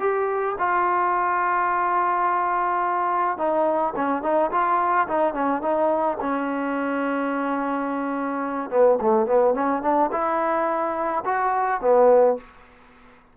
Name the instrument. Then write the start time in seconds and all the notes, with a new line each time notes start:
trombone
0.00 G4
0.59 F4
3.38 D#4
3.96 C#4
4.23 D#4
4.52 F4
5.08 D#4
5.34 C#4
5.62 D#4
6.21 C#4
8.71 B3
9.01 A3
9.27 B3
9.55 C#4
9.83 D4
10.12 E4
11.25 F#4
11.81 B3